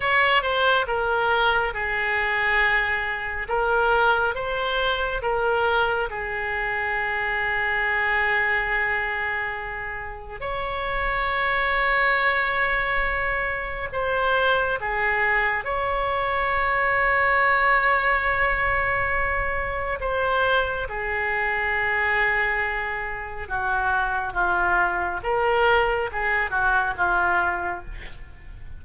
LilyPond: \new Staff \with { instrumentName = "oboe" } { \time 4/4 \tempo 4 = 69 cis''8 c''8 ais'4 gis'2 | ais'4 c''4 ais'4 gis'4~ | gis'1 | cis''1 |
c''4 gis'4 cis''2~ | cis''2. c''4 | gis'2. fis'4 | f'4 ais'4 gis'8 fis'8 f'4 | }